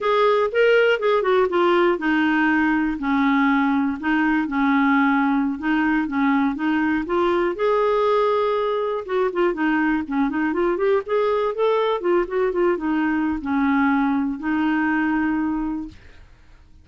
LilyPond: \new Staff \with { instrumentName = "clarinet" } { \time 4/4 \tempo 4 = 121 gis'4 ais'4 gis'8 fis'8 f'4 | dis'2 cis'2 | dis'4 cis'2~ cis'16 dis'8.~ | dis'16 cis'4 dis'4 f'4 gis'8.~ |
gis'2~ gis'16 fis'8 f'8 dis'8.~ | dis'16 cis'8 dis'8 f'8 g'8 gis'4 a'8.~ | a'16 f'8 fis'8 f'8 dis'4~ dis'16 cis'4~ | cis'4 dis'2. | }